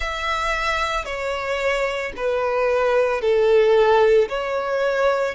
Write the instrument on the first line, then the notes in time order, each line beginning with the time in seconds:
violin
0.00 E5
1.05 C#5
2.16 B4
3.21 A4
4.29 C#5